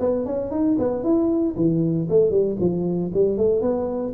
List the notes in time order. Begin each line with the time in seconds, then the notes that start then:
0.00 B3
0.26 C#4
0.51 D#4
0.79 B3
1.04 E4
1.56 E3
2.10 A3
2.31 G3
2.60 F3
3.14 G3
3.38 A3
3.62 B3